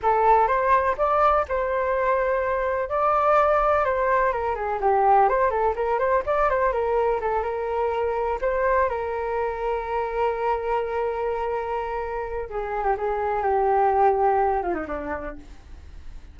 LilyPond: \new Staff \with { instrumentName = "flute" } { \time 4/4 \tempo 4 = 125 a'4 c''4 d''4 c''4~ | c''2 d''2 | c''4 ais'8 gis'8 g'4 c''8 a'8 | ais'8 c''8 d''8 c''8 ais'4 a'8 ais'8~ |
ais'4. c''4 ais'4.~ | ais'1~ | ais'2 gis'8. g'16 gis'4 | g'2~ g'8 f'16 dis'16 d'4 | }